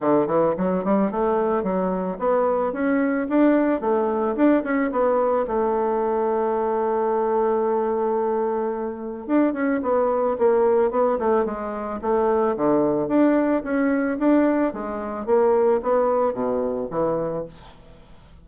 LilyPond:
\new Staff \with { instrumentName = "bassoon" } { \time 4/4 \tempo 4 = 110 d8 e8 fis8 g8 a4 fis4 | b4 cis'4 d'4 a4 | d'8 cis'8 b4 a2~ | a1~ |
a4 d'8 cis'8 b4 ais4 | b8 a8 gis4 a4 d4 | d'4 cis'4 d'4 gis4 | ais4 b4 b,4 e4 | }